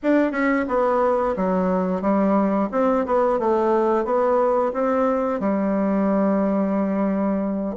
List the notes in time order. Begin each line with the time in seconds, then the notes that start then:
0.02 D4
0.31 C#4
0.67 B3
1.36 F#3
2.01 G3
2.72 C4
3.06 B3
3.39 A3
4.04 B3
4.73 C4
5.40 G3